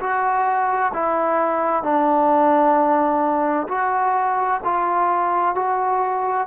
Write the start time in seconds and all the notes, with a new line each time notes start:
0.00 F#4
0.94 E4
1.83 D4
3.68 F#4
4.64 F4
5.55 F#4